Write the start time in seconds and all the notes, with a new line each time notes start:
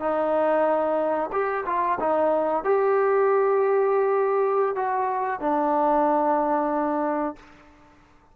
0.00 D#4
1.32 G4
1.66 F4
2.00 D#4
2.64 G4
4.75 F#4
5.40 D4